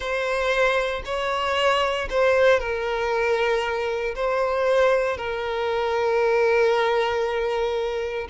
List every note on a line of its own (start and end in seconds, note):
0.00 1.02 C5
1.05 2.08 C#5
2.09 2.59 C5
2.59 4.14 A#4
4.15 5.17 C5
5.17 8.27 A#4